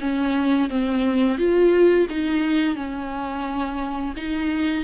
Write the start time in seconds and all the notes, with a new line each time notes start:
0.00 C#4
0.69 C4
1.38 F4
2.09 D#4
2.75 C#4
4.16 D#4